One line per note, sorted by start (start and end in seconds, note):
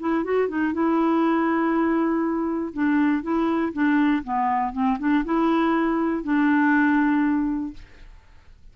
0.00 0.25 E4
0.25 0.49 F#4
0.49 0.74 D#4
0.74 2.74 E4
2.74 3.23 D4
3.23 3.73 E4
3.73 4.23 D4
4.24 4.73 B3
4.73 4.98 C4
4.99 5.24 D4
5.25 6.24 E4
6.24 7.74 D4